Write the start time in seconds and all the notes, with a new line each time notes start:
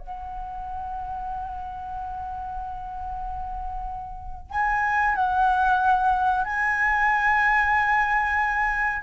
0.00 F#5
4.51 G#5
5.16 F#5
6.45 G#5